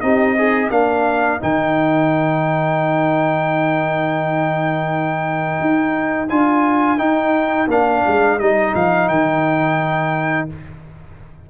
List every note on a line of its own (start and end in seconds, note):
0.00 0.70 C4
0.00 0.36 D#4
0.00 0.38 G4
0.00 0.70 D#5
0.37 0.73 D#4
0.37 0.70 G#4
0.70 1.40 A#3
0.70 1.40 D4
0.70 10.50 A#4
0.70 1.40 F5
1.40 5.60 D#3
1.40 6.28 D#4
1.40 6.29 G5
5.60 6.30 D#4
6.29 6.98 D4
6.29 6.97 F4
6.29 6.98 G#5
6.97 7.67 D#4
6.97 7.68 G5
7.67 8.02 A#3
7.67 8.40 D4
7.67 8.39 F5
8.06 8.39 G#3
8.39 8.74 G3
8.39 10.49 D#4
8.39 8.74 D#5
8.74 9.08 F3
8.74 9.08 F5
9.08 10.48 D#3
9.08 10.48 G5